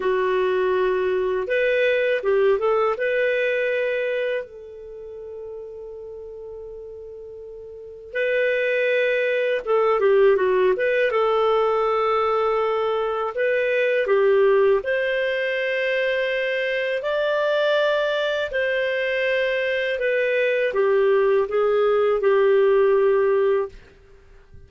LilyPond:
\new Staff \with { instrumentName = "clarinet" } { \time 4/4 \tempo 4 = 81 fis'2 b'4 g'8 a'8 | b'2 a'2~ | a'2. b'4~ | b'4 a'8 g'8 fis'8 b'8 a'4~ |
a'2 b'4 g'4 | c''2. d''4~ | d''4 c''2 b'4 | g'4 gis'4 g'2 | }